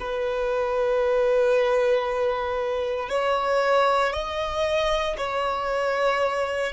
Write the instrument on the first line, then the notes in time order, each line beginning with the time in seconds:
violin
0.00 B4
3.10 C#5
4.13 D#5
5.18 C#5